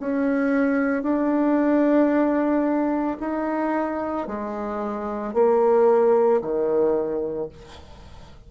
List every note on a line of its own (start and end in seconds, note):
0.00 1.03 C#4
1.03 3.18 D4
3.20 4.28 D#4
4.28 5.34 G#3
5.34 6.41 A#3
6.42 7.49 D#3